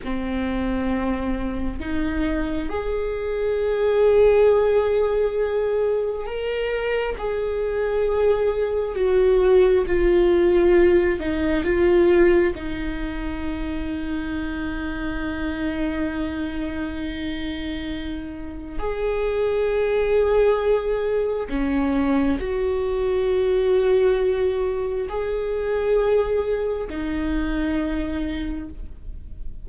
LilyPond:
\new Staff \with { instrumentName = "viola" } { \time 4/4 \tempo 4 = 67 c'2 dis'4 gis'4~ | gis'2. ais'4 | gis'2 fis'4 f'4~ | f'8 dis'8 f'4 dis'2~ |
dis'1~ | dis'4 gis'2. | cis'4 fis'2. | gis'2 dis'2 | }